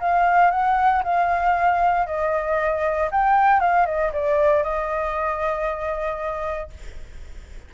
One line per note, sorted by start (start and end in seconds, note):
0.00 0.51 F5
0.51 1.03 F#5
1.04 2.06 F5
2.06 3.10 D#5
3.11 3.60 G5
3.60 3.86 F5
3.86 4.12 D#5
4.13 4.63 D5
4.63 6.70 D#5